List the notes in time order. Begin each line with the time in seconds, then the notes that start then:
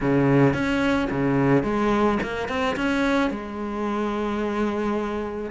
0.00 C#3
0.53 C#4
1.10 C#3
1.63 G#3
2.22 A#3
2.48 C4
2.76 C#4
3.30 G#3